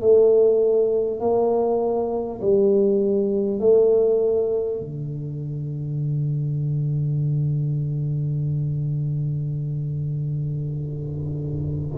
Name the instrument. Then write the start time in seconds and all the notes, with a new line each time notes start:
tuba
0.00 A3
1.19 A#3
2.41 G3
3.59 A3
4.79 D3